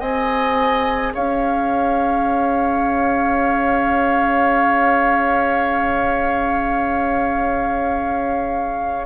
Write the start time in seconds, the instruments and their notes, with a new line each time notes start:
0.00 bassoon C4, clarinet G#4, oboe D#5, flute G#5
1.14 bassoon C#4, oboe C#5, flute F5